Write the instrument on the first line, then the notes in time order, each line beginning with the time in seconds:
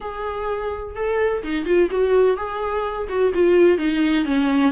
viola
0.01 G#4
0.95 A4
1.43 D#4
1.65 F4
1.90 F#4
2.36 G#4
3.08 F#4
3.33 F4
3.78 D#4
4.25 C#4